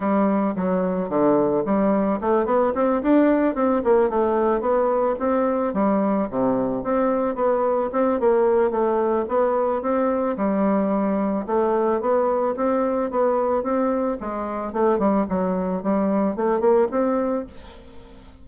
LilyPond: \new Staff \with { instrumentName = "bassoon" } { \time 4/4 \tempo 4 = 110 g4 fis4 d4 g4 | a8 b8 c'8 d'4 c'8 ais8 a8~ | a8 b4 c'4 g4 c8~ | c8 c'4 b4 c'8 ais4 |
a4 b4 c'4 g4~ | g4 a4 b4 c'4 | b4 c'4 gis4 a8 g8 | fis4 g4 a8 ais8 c'4 | }